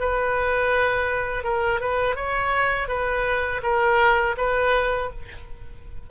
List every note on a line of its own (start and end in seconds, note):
0.00 1.44 B4
1.44 1.81 A#4
1.81 2.16 B4
2.16 2.88 C#5
2.88 3.62 B4
3.63 4.36 A#4
4.38 5.11 B4